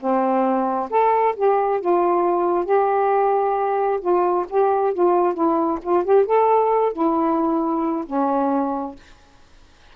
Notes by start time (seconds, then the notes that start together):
0.00 C4
0.90 A4
1.36 G4
1.80 F4
2.65 G4
4.01 F4
4.50 G4
4.94 F4
5.34 E4
5.82 F4
6.05 G4
6.26 A4
6.93 E4
8.06 C#4